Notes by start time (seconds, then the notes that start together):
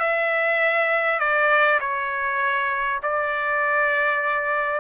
0.00 E5
1.20 D5
1.81 C#5
3.03 D5